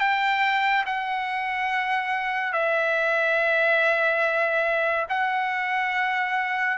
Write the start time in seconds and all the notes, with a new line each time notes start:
0.00 G5
0.86 F#5
2.53 E5
5.10 F#5